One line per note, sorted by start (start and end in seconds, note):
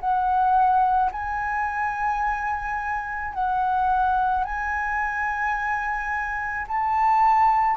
0.00 1.11 F#5
1.12 3.34 G#5
3.34 4.44 F#5
4.44 6.66 G#5
6.68 7.76 A5